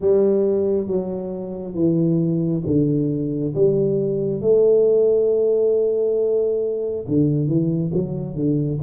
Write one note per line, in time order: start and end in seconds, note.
0.00 0.87 G3
0.87 1.74 F#3
1.74 2.62 E3
2.66 3.54 D3
3.55 4.41 G3
4.41 7.05 A3
7.07 7.47 D3
7.47 7.91 E3
7.93 8.35 F#3
8.35 8.79 D3